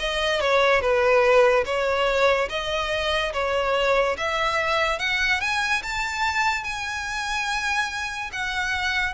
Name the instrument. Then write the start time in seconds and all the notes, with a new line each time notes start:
violin
0.00 D#5
0.41 C#5
0.81 B4
1.66 C#5
2.50 D#5
3.34 C#5
4.18 E5
4.99 F#5
5.41 G#5
5.83 A5
6.64 G#5
8.33 F#5